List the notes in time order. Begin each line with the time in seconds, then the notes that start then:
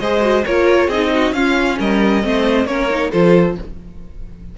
0.00 G#3 G#4 C5 D#5
0.21 F#4
0.46 A#3 F4 A#4 C#5
0.88 C4 D#4 G#4 D#5
1.14 F#4
1.32 C#4 F4 F5
1.79 G3 A#4 D#5
2.23 A3 C4 C5
2.65 A#3 C#4 A#4 C#5
2.90 D#4
3.11 F3 F4 A4 C5